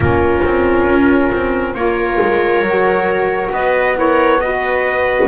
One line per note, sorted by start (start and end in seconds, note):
0.00 0.40 A#3
0.00 1.76 C#4
0.00 1.76 F4
0.00 1.74 A#4
0.44 0.87 C4
0.87 1.31 C#4
1.32 1.74 C4
1.74 2.18 A#3
1.74 2.64 F4
1.74 3.52 A#4
1.74 3.50 C#5
2.21 2.61 G#3
2.61 3.50 F#3
2.61 3.95 F#4
3.50 5.27 B3
3.50 3.97 B4
3.50 3.97 D#5
3.95 4.39 E4
3.95 4.41 A#4
3.95 4.40 C#5
4.40 5.28 F#4
4.40 5.28 B4
4.40 5.28 D#5